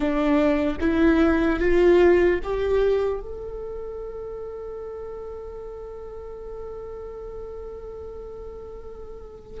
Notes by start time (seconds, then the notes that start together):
0.00 D4
0.80 E4
1.59 F4
2.43 G4
3.20 A4